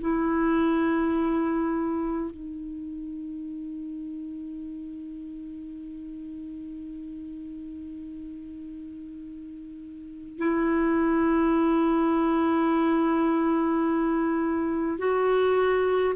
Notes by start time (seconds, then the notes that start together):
0.00 E4
2.30 D#4
10.38 E4
14.98 F#4